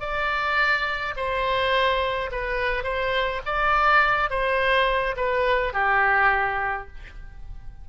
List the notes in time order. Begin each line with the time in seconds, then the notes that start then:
0.00 D5
1.16 C5
2.31 B4
2.84 C5
3.45 D5
4.30 C5
5.16 B4
5.73 G4